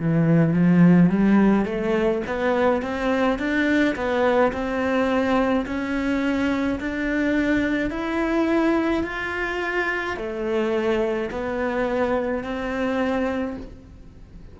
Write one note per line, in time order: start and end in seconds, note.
0.00 0.54 E3
0.54 1.10 F3
1.10 1.66 G3
1.66 2.22 A3
2.27 2.83 B3
2.83 3.39 C4
3.39 3.96 D4
3.96 4.52 B3
4.53 5.66 C4
5.67 6.80 C#4
6.80 7.91 D4
7.91 9.04 E4
9.04 10.17 F4
10.17 11.31 A3
11.31 12.44 B3
12.44 13.57 C4